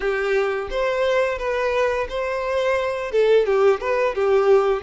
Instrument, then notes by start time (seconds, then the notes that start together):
violin
0.00 G4
0.70 C5
1.38 B4
2.09 C5
3.11 A4
3.45 G4
3.80 B4
4.14 G4